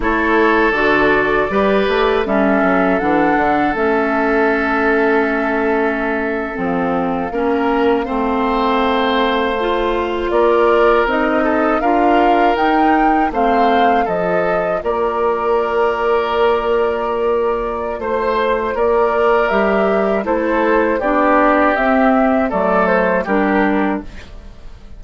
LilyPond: <<
  \new Staff \with { instrumentName = "flute" } { \time 4/4 \tempo 4 = 80 cis''4 d''2 e''4 | fis''4 e''2.~ | e''8. f''2.~ f''16~ | f''4.~ f''16 d''4 dis''4 f''16~ |
f''8. g''4 f''4 dis''4 d''16~ | d''1 | c''4 d''4 e''4 c''4 | d''4 e''4 d''8 c''8 ais'4 | }
  \new Staff \with { instrumentName = "oboe" } { \time 4/4 a'2 b'4 a'4~ | a'1~ | a'4.~ a'16 ais'4 c''4~ c''16~ | c''4.~ c''16 ais'4. a'8 ais'16~ |
ais'4.~ ais'16 c''4 a'4 ais'16~ | ais'1 | c''4 ais'2 a'4 | g'2 a'4 g'4 | }
  \new Staff \with { instrumentName = "clarinet" } { \time 4/4 e'4 fis'4 g'4 cis'4 | d'4 cis'2.~ | cis'8. c'4 cis'4 c'4~ c'16~ | c'8. f'2 dis'4 f'16~ |
f'8. dis'4 c'4 f'4~ f'16~ | f'1~ | f'2 g'4 e'4 | d'4 c'4 a4 d'4 | }
  \new Staff \with { instrumentName = "bassoon" } { \time 4/4 a4 d4 g8 a8 g8 fis8 | e8 d8 a2.~ | a8. f4 ais4 a4~ a16~ | a4.~ a16 ais4 c'4 d'16~ |
d'8. dis'4 a4 f4 ais16~ | ais1 | a4 ais4 g4 a4 | b4 c'4 fis4 g4 | }
>>